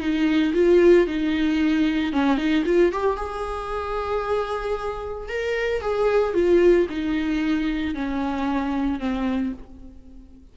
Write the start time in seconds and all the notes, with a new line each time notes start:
0.00 D#4
0.54 F4
1.07 D#4
2.13 C#4
2.38 D#4
2.66 F4
2.92 G4
3.17 G#4
5.29 A#4
5.82 G#4
6.34 F4
6.90 D#4
7.95 C#4
9.00 C4